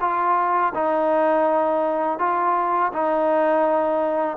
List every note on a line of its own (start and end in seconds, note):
0.00 0.73 F4
0.74 2.19 D#4
2.19 2.92 F4
2.93 4.37 D#4